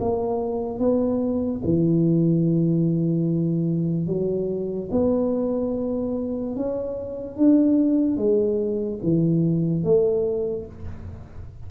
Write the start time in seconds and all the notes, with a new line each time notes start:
0.00 A#3
0.79 B3
1.64 E3
4.06 F#3
4.91 B3
6.56 C#4
7.37 D4
8.17 G#3
9.03 E3
9.84 A3